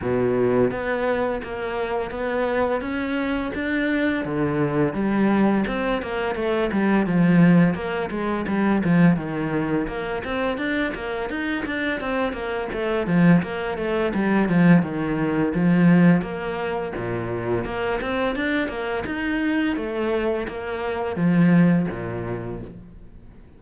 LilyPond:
\new Staff \with { instrumentName = "cello" } { \time 4/4 \tempo 4 = 85 b,4 b4 ais4 b4 | cis'4 d'4 d4 g4 | c'8 ais8 a8 g8 f4 ais8 gis8 | g8 f8 dis4 ais8 c'8 d'8 ais8 |
dis'8 d'8 c'8 ais8 a8 f8 ais8 a8 | g8 f8 dis4 f4 ais4 | ais,4 ais8 c'8 d'8 ais8 dis'4 | a4 ais4 f4 ais,4 | }